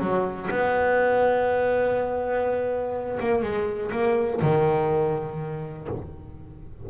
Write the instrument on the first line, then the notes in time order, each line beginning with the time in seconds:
double bass
0.00 F#3
0.51 B3
3.20 A#3
3.42 G#3
3.92 A#3
4.42 D#3